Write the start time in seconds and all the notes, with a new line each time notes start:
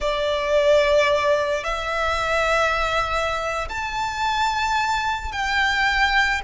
0.00 D5
1.63 E5
3.68 A5
5.32 G5